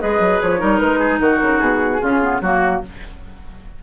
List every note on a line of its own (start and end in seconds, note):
0.00 0.20 G#3
0.00 0.58 G#4
0.00 0.60 B4
0.00 0.41 D#5
0.20 0.40 F#3
0.42 0.62 F3
0.42 0.78 C#5
0.58 0.81 G3
0.58 1.98 D#4
0.58 1.00 A#4
0.78 1.20 G#3
0.78 1.18 B4
1.00 1.20 G#4
1.20 1.40 D#3
1.20 2.02 F#4
1.20 1.60 A#4
1.42 1.60 C#3
1.60 2.00 B2
1.60 2.40 G#4
2.02 2.41 C#3
2.02 2.21 C#4
2.02 2.42 F4
2.21 2.41 B3
2.41 2.81 F#3
2.41 2.83 A#3
2.41 2.82 F#4